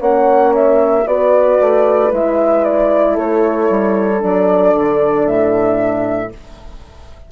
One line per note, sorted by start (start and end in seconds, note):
0.00 1.06 A#3
0.00 1.05 C#4
0.00 1.05 C#5
0.00 0.54 F#5
0.55 1.07 E5
1.06 1.59 B3
1.06 2.11 F#4
1.06 3.14 B4
1.06 2.13 D5
1.61 2.12 A3
2.11 3.17 G#3
2.11 4.19 E4
2.11 2.64 E5
2.64 3.17 D5
3.14 3.70 A3
3.14 6.29 A4
3.14 4.22 C#5
3.70 4.23 G3
4.19 4.75 F#3
4.19 6.29 D4
4.19 5.27 D5
4.75 5.27 D3
5.27 6.32 A2
5.27 6.32 E5